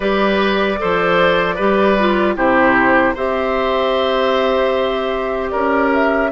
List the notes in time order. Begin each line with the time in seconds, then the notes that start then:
0.00 G3 G4 B4 D5
0.78 F3 A4 C5
1.55 G3 G4 B4
1.98 F4
2.35 C3 E4 G4 C5
3.14 C4 G4 C5 E5
5.49 C#4 A#4 D5
5.93 E5